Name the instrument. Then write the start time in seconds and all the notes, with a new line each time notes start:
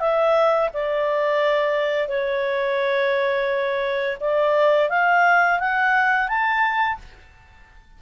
clarinet
0.00 E5
0.74 D5
2.09 C#5
4.21 D5
4.90 F5
5.60 F#5
6.29 A5